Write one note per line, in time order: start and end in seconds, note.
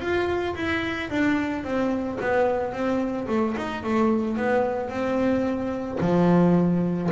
0.00 0.55 F4
0.55 1.10 E4
1.10 1.64 D4
1.64 2.18 C4
2.21 2.73 B3
2.73 3.27 C4
3.28 3.55 A3
3.57 3.83 D#4
3.83 4.37 A3
4.37 4.89 B3
4.89 5.98 C4
6.00 7.10 F3